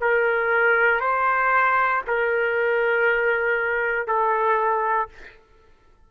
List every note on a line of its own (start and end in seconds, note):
0.00 1.00 A#4
1.00 2.02 C5
2.07 4.07 A#4
4.07 5.08 A4